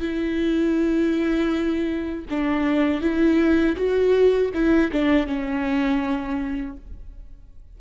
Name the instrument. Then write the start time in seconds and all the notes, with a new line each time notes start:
viola
0.00 E4
2.30 D4
3.01 E4
3.77 F#4
4.54 E4
4.92 D4
5.27 C#4